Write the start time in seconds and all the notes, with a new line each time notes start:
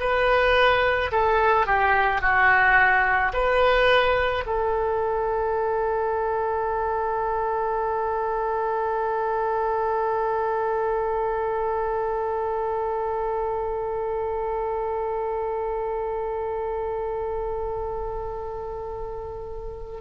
0.00 B4
1.12 A4
1.67 G4
2.21 F#4
3.33 B4
4.46 A4